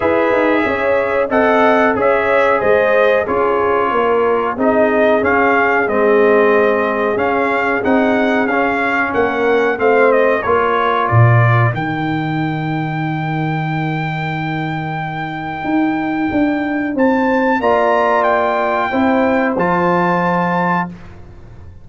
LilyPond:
<<
  \new Staff \with { instrumentName = "trumpet" } { \time 4/4 \tempo 4 = 92 e''2 fis''4 e''4 | dis''4 cis''2 dis''4 | f''4 dis''2 f''4 | fis''4 f''4 fis''4 f''8 dis''8 |
cis''4 d''4 g''2~ | g''1~ | g''2 a''4 ais''4 | g''2 a''2 | }
  \new Staff \with { instrumentName = "horn" } { \time 4/4 b'4 cis''4 dis''4 cis''4 | c''4 gis'4 ais'4 gis'4~ | gis'1~ | gis'2 ais'4 c''4 |
ais'1~ | ais'1~ | ais'2 c''4 d''4~ | d''4 c''2. | }
  \new Staff \with { instrumentName = "trombone" } { \time 4/4 gis'2 a'4 gis'4~ | gis'4 f'2 dis'4 | cis'4 c'2 cis'4 | dis'4 cis'2 c'4 |
f'2 dis'2~ | dis'1~ | dis'2. f'4~ | f'4 e'4 f'2 | }
  \new Staff \with { instrumentName = "tuba" } { \time 4/4 e'8 dis'8 cis'4 c'4 cis'4 | gis4 cis'4 ais4 c'4 | cis'4 gis2 cis'4 | c'4 cis'4 ais4 a4 |
ais4 ais,4 dis2~ | dis1 | dis'4 d'4 c'4 ais4~ | ais4 c'4 f2 | }
>>